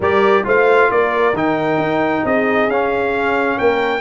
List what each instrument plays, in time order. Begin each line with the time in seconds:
0.00 tuba G3, trombone G4, horn A#4, trumpet D5
0.44 tuba A3, trombone F4, horn C5, trumpet F5
0.90 tuba A#3, horn A#4, trumpet D5
1.33 tuba D#3, trombone D#4, trumpet G5
1.77 tuba D#4
2.24 tuba C4, horn G#4, trumpet D#5
2.67 tuba C#4, trombone C#4, trumpet F5
3.56 tuba A#3, horn A#4, trumpet G5